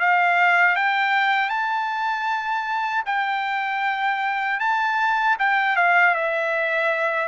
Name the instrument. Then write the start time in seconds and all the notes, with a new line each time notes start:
trumpet
0.00 F5
0.76 G5
1.50 A5
3.06 G5
4.60 A5
5.39 G5
5.76 F5
6.15 E5